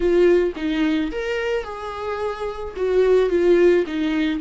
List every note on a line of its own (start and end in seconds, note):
0.00 0.53 F4
0.56 1.11 D#4
1.11 1.64 A#4
1.64 2.74 G#4
2.76 3.29 F#4
3.29 3.84 F4
3.87 4.40 D#4